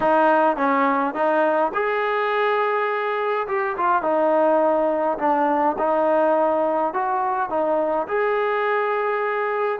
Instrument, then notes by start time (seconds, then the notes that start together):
trombone
0.00 D#4
0.56 C#4
1.14 D#4
1.74 G#4
3.47 G4
3.77 F4
4.02 D#4
5.18 D4
5.78 D#4
6.93 F#4
7.49 D#4
8.07 G#4